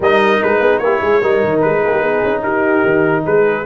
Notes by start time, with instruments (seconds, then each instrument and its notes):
0.00 tuba G3, trombone D#4, horn A#4, trumpet D#5
0.43 tuba G#3, trumpet B4
0.60 tuba B3, horn G#4
0.78 tuba A#3, trombone E4, horn G4, trumpet C#5
1.01 tuba G#3, horn G#4
1.21 tuba G3, trombone D#4, horn A#4
1.43 tuba D#3
1.61 tuba G#3, trumpet B4
1.83 tuba A#3, horn G#4
1.92 horn G4
2.00 tuba B3, horn G#4
2.23 tuba C#4
2.42 tuba D#4, horn G4, trumpet A#4
2.84 tuba D#3
3.24 tuba G#3, horn G#4, trumpet B4